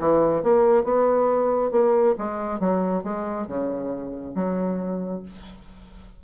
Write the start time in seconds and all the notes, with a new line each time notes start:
0.00 E3
0.43 A#3
0.84 B3
1.72 A#3
2.19 G#3
2.60 F#3
3.04 G#3
3.48 C#3
4.35 F#3